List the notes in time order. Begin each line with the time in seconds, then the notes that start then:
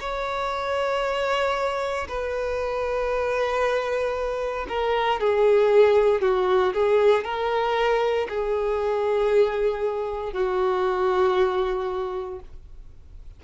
0.00 C#5
2.08 B4
4.68 A#4
5.20 G#4
6.21 F#4
6.73 G#4
7.24 A#4
8.29 G#4
10.33 F#4